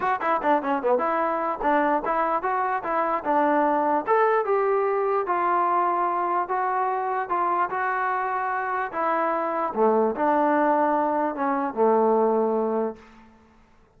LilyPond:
\new Staff \with { instrumentName = "trombone" } { \time 4/4 \tempo 4 = 148 fis'8 e'8 d'8 cis'8 b8 e'4. | d'4 e'4 fis'4 e'4 | d'2 a'4 g'4~ | g'4 f'2. |
fis'2 f'4 fis'4~ | fis'2 e'2 | a4 d'2. | cis'4 a2. | }